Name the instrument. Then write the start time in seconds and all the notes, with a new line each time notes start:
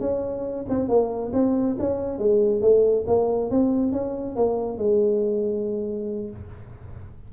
tuba
0.00 C#4
0.69 C4
0.88 A#3
1.33 C4
1.78 C#4
2.18 G#3
2.61 A3
3.07 A#3
3.50 C4
3.92 C#4
4.35 A#3
4.78 G#3